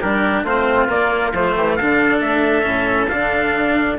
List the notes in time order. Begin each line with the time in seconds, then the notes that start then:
0.00 G3 D4 G4 A#4
0.43 A3 C4 F4 C5
0.88 A#3 D5
1.33 F3 A3 C5
1.56 E3 G4
1.76 D3 D4 A4 F5
2.20 A3 E5
2.62 A2 C#4
3.08 D3 D4 F5